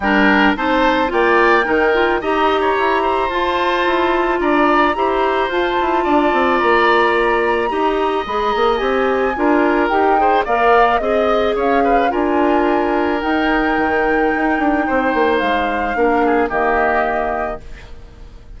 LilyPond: <<
  \new Staff \with { instrumentName = "flute" } { \time 4/4 \tempo 4 = 109 g''4 a''4 g''2 | ais''2 a''2 | ais''2 a''2 | ais''2. b''8 ais''8 |
gis''2 g''4 f''4 | dis''4 f''4 gis''2 | g''1 | f''2 dis''2 | }
  \new Staff \with { instrumentName = "oboe" } { \time 4/4 ais'4 c''4 d''4 ais'4 | dis''8. cis''8. c''2~ c''8 | d''4 c''2 d''4~ | d''2 dis''2~ |
dis''4 ais'4. c''8 d''4 | dis''4 cis''8 b'8 ais'2~ | ais'2. c''4~ | c''4 ais'8 gis'8 g'2 | }
  \new Staff \with { instrumentName = "clarinet" } { \time 4/4 d'4 dis'4 f'4 dis'8 f'8 | g'2 f'2~ | f'4 g'4 f'2~ | f'2 g'4 gis'4 |
g'4 f'4 g'8 gis'8 ais'4 | gis'2 f'2 | dis'1~ | dis'4 d'4 ais2 | }
  \new Staff \with { instrumentName = "bassoon" } { \time 4/4 g4 c'4 ais4 dis4 | dis'4 e'4 f'4 e'4 | d'4 e'4 f'8 e'8 d'8 c'8 | ais2 dis'4 gis8 ais8 |
c'4 d'4 dis'4 ais4 | c'4 cis'4 d'2 | dis'4 dis4 dis'8 d'8 c'8 ais8 | gis4 ais4 dis2 | }
>>